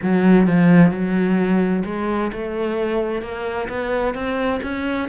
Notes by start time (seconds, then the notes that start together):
0.02 F#3
0.47 F3
0.91 F#3
1.85 G#3
2.32 A3
3.22 A#3
3.69 B3
4.14 C4
4.62 C#4